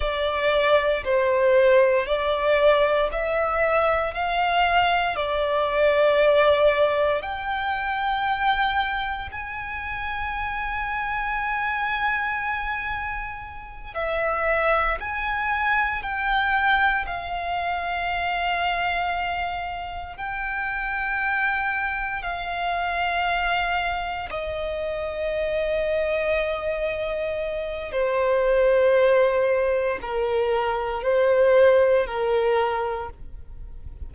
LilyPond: \new Staff \with { instrumentName = "violin" } { \time 4/4 \tempo 4 = 58 d''4 c''4 d''4 e''4 | f''4 d''2 g''4~ | g''4 gis''2.~ | gis''4. e''4 gis''4 g''8~ |
g''8 f''2. g''8~ | g''4. f''2 dis''8~ | dis''2. c''4~ | c''4 ais'4 c''4 ais'4 | }